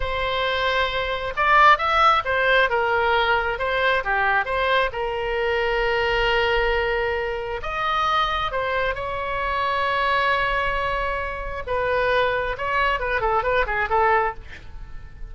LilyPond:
\new Staff \with { instrumentName = "oboe" } { \time 4/4 \tempo 4 = 134 c''2. d''4 | e''4 c''4 ais'2 | c''4 g'4 c''4 ais'4~ | ais'1~ |
ais'4 dis''2 c''4 | cis''1~ | cis''2 b'2 | cis''4 b'8 a'8 b'8 gis'8 a'4 | }